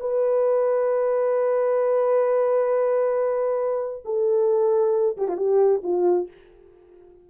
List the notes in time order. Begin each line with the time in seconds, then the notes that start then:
0.00 B4
4.04 A4
5.17 G4
5.28 F4
5.37 G4
5.83 F4